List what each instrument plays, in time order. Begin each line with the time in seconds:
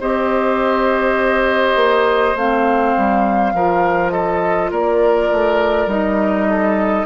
0.00 bassoon C4, clarinet G4, oboe C5, flute D#5
1.76 bassoon A#3
2.36 bassoon A3, clarinet C4, flute F5
2.97 bassoon G3
3.53 bassoon F3, clarinet F4, oboe A#4
4.11 oboe A4, flute D#5
4.71 bassoon A#3, oboe A#4, flute D5
5.32 bassoon A3
5.87 bassoon G3, clarinet D#4, flute D#5
6.50 oboe A4